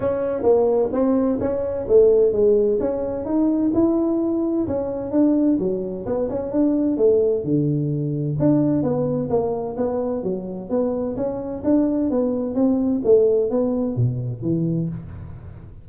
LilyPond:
\new Staff \with { instrumentName = "tuba" } { \time 4/4 \tempo 4 = 129 cis'4 ais4 c'4 cis'4 | a4 gis4 cis'4 dis'4 | e'2 cis'4 d'4 | fis4 b8 cis'8 d'4 a4 |
d2 d'4 b4 | ais4 b4 fis4 b4 | cis'4 d'4 b4 c'4 | a4 b4 b,4 e4 | }